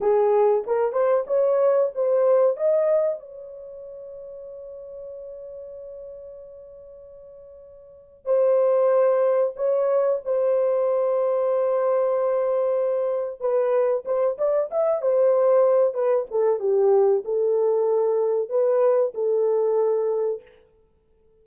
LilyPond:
\new Staff \with { instrumentName = "horn" } { \time 4/4 \tempo 4 = 94 gis'4 ais'8 c''8 cis''4 c''4 | dis''4 cis''2.~ | cis''1~ | cis''4 c''2 cis''4 |
c''1~ | c''4 b'4 c''8 d''8 e''8 c''8~ | c''4 b'8 a'8 g'4 a'4~ | a'4 b'4 a'2 | }